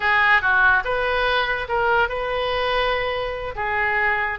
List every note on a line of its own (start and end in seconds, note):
0.00 0.41 G#4
0.41 0.83 F#4
0.84 1.67 B4
1.68 2.09 A#4
2.09 3.54 B4
3.55 4.39 G#4